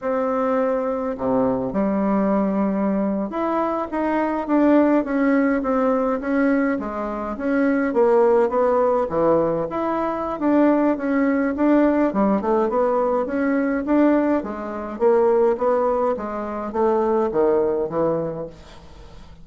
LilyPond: \new Staff \with { instrumentName = "bassoon" } { \time 4/4 \tempo 4 = 104 c'2 c4 g4~ | g4.~ g16 e'4 dis'4 d'16~ | d'8. cis'4 c'4 cis'4 gis16~ | gis8. cis'4 ais4 b4 e16~ |
e8. e'4~ e'16 d'4 cis'4 | d'4 g8 a8 b4 cis'4 | d'4 gis4 ais4 b4 | gis4 a4 dis4 e4 | }